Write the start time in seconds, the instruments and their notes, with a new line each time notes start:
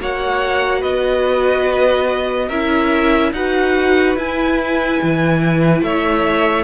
0.00 cello A#3, viola F#4, violin C#5 F#5
0.80 cello B3, violin B4 D#5
2.48 cello C#4, viola E4, violin A#4 E5
3.32 cello D#4, viola F#4, violin B4 F#5
4.16 cello E4, viola E4, violin G#5
5.02 cello E3
5.82 cello A3, violin C#5 E5